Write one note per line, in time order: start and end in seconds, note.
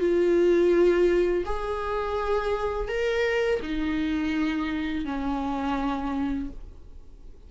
0.00 1.45 F4
1.46 2.88 G#4
2.88 3.60 A#4
3.62 5.05 D#4
5.05 6.50 C#4